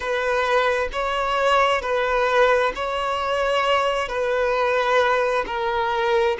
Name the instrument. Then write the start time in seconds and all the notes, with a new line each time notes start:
violin
0.00 B4
0.92 C#5
1.81 B4
2.75 C#5
4.08 B4
5.46 A#4